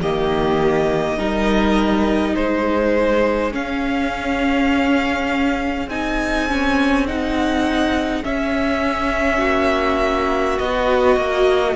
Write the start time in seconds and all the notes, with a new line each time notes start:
0.00 D#3 A#3 G4 D#5
1.17 G3 D#4 A#4
2.34 G#3 G#4 C5
3.51 C#4 F5
5.87 C4 D#4 G#5
6.48 C#4
7.07 D#4 F#5
8.23 C#4 E5
9.38 A#3 F#4
10.58 B3 F#4 D#5
11.16 A#3